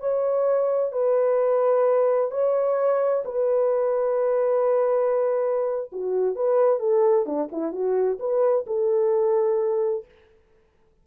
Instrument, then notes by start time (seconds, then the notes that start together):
horn
0.00 C#5
0.93 B4
2.31 C#5
3.25 B4
5.92 F#4
6.36 B4
6.80 A4
7.26 D4
7.52 E4
7.72 F#4
8.19 B4
8.67 A4